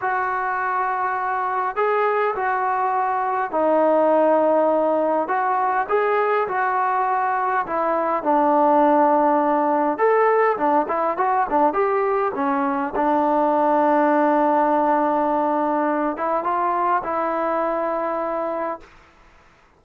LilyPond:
\new Staff \with { instrumentName = "trombone" } { \time 4/4 \tempo 4 = 102 fis'2. gis'4 | fis'2 dis'2~ | dis'4 fis'4 gis'4 fis'4~ | fis'4 e'4 d'2~ |
d'4 a'4 d'8 e'8 fis'8 d'8 | g'4 cis'4 d'2~ | d'2.~ d'8 e'8 | f'4 e'2. | }